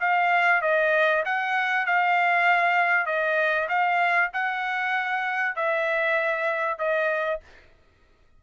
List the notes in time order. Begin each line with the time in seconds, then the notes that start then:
0.00 F5
0.62 D#5
1.25 F#5
1.86 F5
3.06 D#5
3.69 F5
4.33 F#5
5.55 E5
6.78 D#5